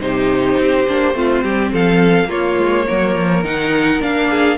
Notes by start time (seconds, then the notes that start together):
0.00 C3 D#4 G4 C5
0.58 C4
0.87 A#3 D4
1.14 A3 C4 F4
1.43 G3 G4
1.72 F3 A4 F5
2.25 A#3 F4
2.31 C#5
2.58 G#3
2.86 F#3 A#4
3.15 F3
3.44 D#3 D#4 F#5
4.01 A#3 D4 F5
4.30 G#4